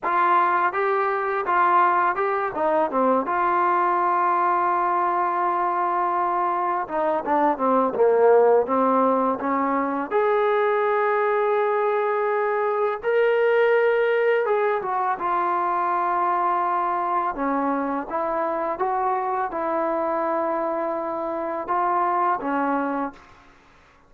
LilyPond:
\new Staff \with { instrumentName = "trombone" } { \time 4/4 \tempo 4 = 83 f'4 g'4 f'4 g'8 dis'8 | c'8 f'2.~ f'8~ | f'4. dis'8 d'8 c'8 ais4 | c'4 cis'4 gis'2~ |
gis'2 ais'2 | gis'8 fis'8 f'2. | cis'4 e'4 fis'4 e'4~ | e'2 f'4 cis'4 | }